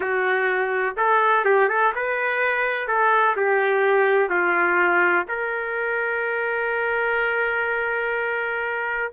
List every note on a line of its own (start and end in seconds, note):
0.00 0.96 F#4
0.96 1.44 A4
1.44 1.68 G4
1.68 1.92 A4
1.95 2.87 B4
2.87 3.35 A4
3.36 4.29 G4
4.29 5.25 F4
5.28 9.12 A#4